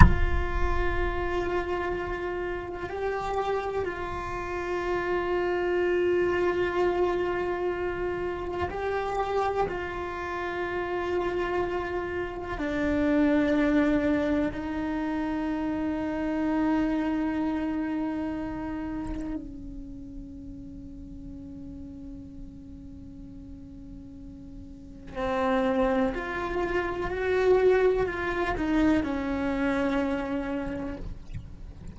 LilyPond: \new Staff \with { instrumentName = "cello" } { \time 4/4 \tempo 4 = 62 f'2. g'4 | f'1~ | f'4 g'4 f'2~ | f'4 d'2 dis'4~ |
dis'1 | cis'1~ | cis'2 c'4 f'4 | fis'4 f'8 dis'8 cis'2 | }